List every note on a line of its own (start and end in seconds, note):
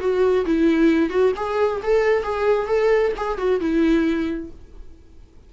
0.00 0.45 F#4
0.45 1.10 E4
1.10 1.32 F#4
1.36 1.81 G#4
1.83 2.23 A4
2.23 2.67 G#4
2.67 3.12 A4
3.17 3.38 G#4
3.38 3.60 F#4
3.60 4.50 E4